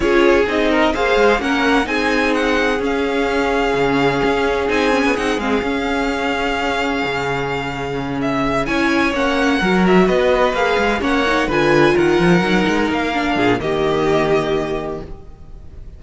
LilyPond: <<
  \new Staff \with { instrumentName = "violin" } { \time 4/4 \tempo 4 = 128 cis''4 dis''4 f''4 fis''4 | gis''4 fis''4 f''2~ | f''2 gis''4 fis''8 f''8~ | f''1~ |
f''4. e''4 gis''4 fis''8~ | fis''4 e''8 dis''4 f''4 fis''8~ | fis''8 gis''4 fis''2 f''8~ | f''4 dis''2. | }
  \new Staff \with { instrumentName = "violin" } { \time 4/4 gis'4. ais'8 c''4 ais'4 | gis'1~ | gis'1~ | gis'1~ |
gis'2~ gis'8 cis''4.~ | cis''8 ais'4 b'2 cis''8~ | cis''8 b'4 ais'2~ ais'8~ | ais'8 gis'8 g'2. | }
  \new Staff \with { instrumentName = "viola" } { \time 4/4 f'4 dis'4 gis'4 cis'4 | dis'2 cis'2~ | cis'2 dis'8 cis'8 dis'8 c'8 | cis'1~ |
cis'2~ cis'8 e'4 cis'8~ | cis'8 fis'2 gis'4 cis'8 | dis'8 f'2 dis'4. | d'4 ais2. | }
  \new Staff \with { instrumentName = "cello" } { \time 4/4 cis'4 c'4 ais8 gis8 ais4 | c'2 cis'2 | cis4 cis'4 c'8. b16 c'8 gis8 | cis'2. cis4~ |
cis2~ cis8 cis'4 ais8~ | ais8 fis4 b4 ais8 gis8 ais8~ | ais8 d4 dis8 f8 fis8 gis8 ais8~ | ais8 ais,8 dis2. | }
>>